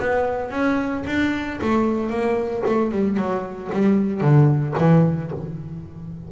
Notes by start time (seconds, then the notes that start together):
0.00 B3
0.51 C#4
1.07 D4
1.62 A3
2.10 A#3
2.66 A3
2.92 G3
3.17 F#3
3.73 G3
4.21 D3
4.78 E3